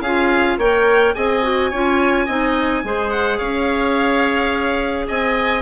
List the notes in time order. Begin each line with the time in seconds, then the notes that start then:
0.00 C#4 F4 G#4 F5
0.58 A#3 A#4 C#5 G5
1.15 C4 G#4 D#5 G#5
1.43 F#4
1.70 C#4 F4 C#5
2.26 C4 D#4 D#5
2.84 G#3 G#4 C5
3.10 F#5
3.38 C#4 C#5 F5
5.08 C4 D#5 G#5